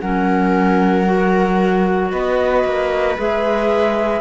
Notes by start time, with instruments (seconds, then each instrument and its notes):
0.00 cello F#3, clarinet C#4, viola A#4, flute F#5
1.05 clarinet F#4
2.11 cello B3, viola B4, flute D#5
2.64 cello A#3
3.17 cello G#3, clarinet G#4, flute E5